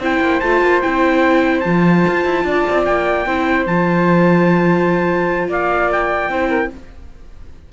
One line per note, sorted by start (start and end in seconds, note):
0.00 0.20 C4
0.00 0.43 E4
0.00 2.45 C5
0.00 0.41 G5
0.21 0.41 A#3
0.41 0.62 A3
0.41 0.83 F4
0.41 0.81 A5
0.62 0.82 A#3
0.82 1.65 C4
0.82 1.64 E4
0.82 1.61 G5
1.61 2.06 F3
1.61 3.27 F4
1.61 2.82 A5
2.08 2.25 F4
2.25 2.44 E4
2.44 2.64 D4
2.44 3.27 D5
2.70 2.87 C4
2.85 3.26 A#3
2.85 3.66 G5
3.26 3.67 C4
3.26 3.68 E4
3.26 5.49 C5
3.67 5.48 F3
3.67 6.31 F4
3.67 5.49 A5
5.48 6.29 A#3
5.48 6.30 D5
5.48 5.92 F5
5.92 6.73 G5
6.29 6.70 C4
6.29 6.71 E4
6.29 6.50 C5
6.50 6.70 A#4